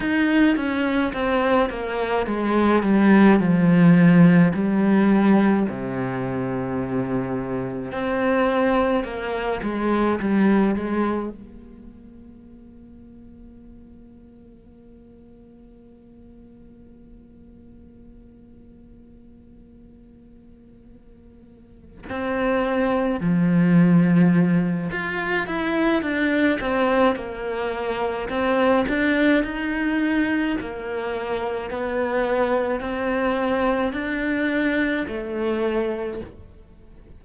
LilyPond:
\new Staff \with { instrumentName = "cello" } { \time 4/4 \tempo 4 = 53 dis'8 cis'8 c'8 ais8 gis8 g8 f4 | g4 c2 c'4 | ais8 gis8 g8 gis8 ais2~ | ais1~ |
ais2.~ ais8 c'8~ | c'8 f4. f'8 e'8 d'8 c'8 | ais4 c'8 d'8 dis'4 ais4 | b4 c'4 d'4 a4 | }